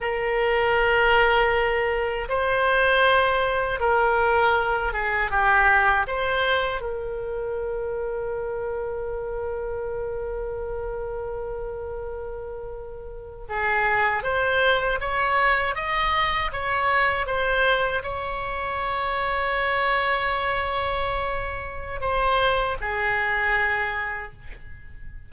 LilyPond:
\new Staff \with { instrumentName = "oboe" } { \time 4/4 \tempo 4 = 79 ais'2. c''4~ | c''4 ais'4. gis'8 g'4 | c''4 ais'2.~ | ais'1~ |
ais'4.~ ais'16 gis'4 c''4 cis''16~ | cis''8. dis''4 cis''4 c''4 cis''16~ | cis''1~ | cis''4 c''4 gis'2 | }